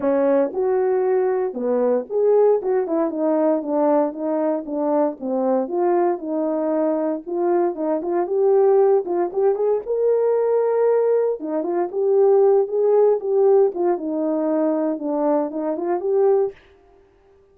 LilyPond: \new Staff \with { instrumentName = "horn" } { \time 4/4 \tempo 4 = 116 cis'4 fis'2 b4 | gis'4 fis'8 e'8 dis'4 d'4 | dis'4 d'4 c'4 f'4 | dis'2 f'4 dis'8 f'8 |
g'4. f'8 g'8 gis'8 ais'4~ | ais'2 dis'8 f'8 g'4~ | g'8 gis'4 g'4 f'8 dis'4~ | dis'4 d'4 dis'8 f'8 g'4 | }